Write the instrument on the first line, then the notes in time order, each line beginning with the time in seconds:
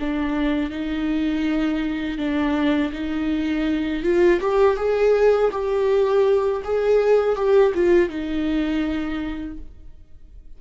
viola
0.00 D4
0.70 D#4
2.18 D4
2.93 D#4
4.03 F4
4.41 G4
4.77 G#4
5.52 G4
6.64 G#4
7.36 G4
7.75 F4
8.09 D#4